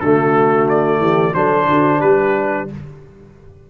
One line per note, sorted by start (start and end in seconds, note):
0.00 0.98 D3
0.00 1.34 A3
0.00 1.01 F#4
0.00 0.67 A4
0.69 1.34 D5
0.98 1.31 E3
0.98 1.34 G4
1.34 1.67 F#3
1.34 2.68 D4
1.34 1.68 A4
1.34 2.01 C5
1.68 2.01 D3
1.68 1.98 F#4
1.98 2.70 G3
1.98 2.65 G4
1.98 2.67 B4